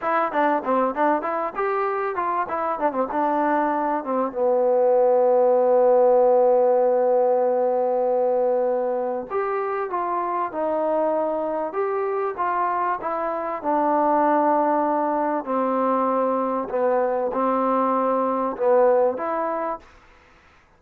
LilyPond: \new Staff \with { instrumentName = "trombone" } { \time 4/4 \tempo 4 = 97 e'8 d'8 c'8 d'8 e'8 g'4 f'8 | e'8 d'16 c'16 d'4. c'8 b4~ | b1~ | b2. g'4 |
f'4 dis'2 g'4 | f'4 e'4 d'2~ | d'4 c'2 b4 | c'2 b4 e'4 | }